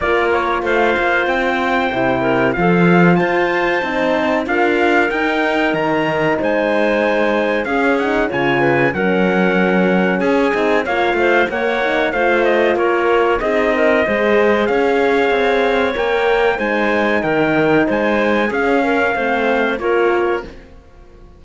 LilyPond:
<<
  \new Staff \with { instrumentName = "trumpet" } { \time 4/4 \tempo 4 = 94 d''8 cis''8 f''4 g''2 | f''4 a''2 f''4 | g''4 ais''4 gis''2 | f''8 fis''8 gis''4 fis''2 |
gis''4 f''4 fis''4 f''8 dis''8 | cis''4 dis''2 f''4~ | f''4 g''4 gis''4 g''4 | gis''4 f''2 cis''4 | }
  \new Staff \with { instrumentName = "clarinet" } { \time 4/4 ais'4 c''2~ c''8 ais'8 | a'4 c''2 ais'4~ | ais'2 c''2 | gis'4 cis''8 b'8 ais'2 |
gis'4 cis''8 c''8 cis''4 c''4 | ais'4 gis'8 ais'8 c''4 cis''4~ | cis''2 c''4 ais'4 | c''4 gis'8 ais'8 c''4 ais'4 | }
  \new Staff \with { instrumentName = "horn" } { \time 4/4 f'2. e'4 | f'2 dis'4 f'4 | dis'1 | cis'8 dis'8 f'4 cis'2~ |
cis'8 dis'8 f'4 ais8 dis'8 f'4~ | f'4 dis'4 gis'2~ | gis'4 ais'4 dis'2~ | dis'4 cis'4 c'4 f'4 | }
  \new Staff \with { instrumentName = "cello" } { \time 4/4 ais4 a8 ais8 c'4 c4 | f4 f'4 c'4 d'4 | dis'4 dis4 gis2 | cis'4 cis4 fis2 |
cis'8 c'8 ais8 a8 ais4 a4 | ais4 c'4 gis4 cis'4 | c'4 ais4 gis4 dis4 | gis4 cis'4 a4 ais4 | }
>>